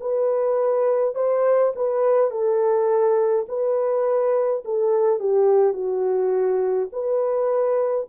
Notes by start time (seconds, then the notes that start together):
0.00 B4
1.14 C5
1.75 B4
2.30 A4
3.48 B4
4.64 A4
5.19 G4
5.73 F#4
6.92 B4